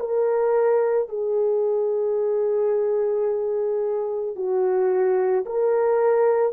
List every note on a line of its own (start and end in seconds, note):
0.00 1.09 A#4
1.09 4.36 G#4
4.36 5.45 F#4
5.45 6.53 A#4